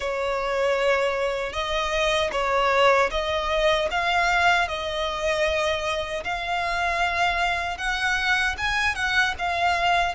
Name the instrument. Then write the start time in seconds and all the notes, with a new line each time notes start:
violin
0.00 C#5
1.52 D#5
2.32 C#5
3.10 D#5
3.90 F5
4.68 D#5
6.24 F5
7.77 F#5
8.57 G#5
8.95 F#5
9.38 F5